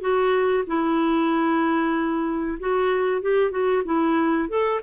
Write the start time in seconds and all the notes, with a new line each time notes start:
0.00 F#4
0.67 E4
2.59 F#4
3.21 G4
3.51 F#4
3.85 E4
4.49 A4